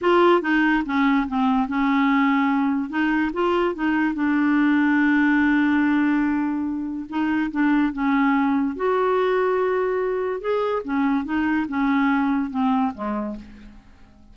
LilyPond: \new Staff \with { instrumentName = "clarinet" } { \time 4/4 \tempo 4 = 144 f'4 dis'4 cis'4 c'4 | cis'2. dis'4 | f'4 dis'4 d'2~ | d'1~ |
d'4 dis'4 d'4 cis'4~ | cis'4 fis'2.~ | fis'4 gis'4 cis'4 dis'4 | cis'2 c'4 gis4 | }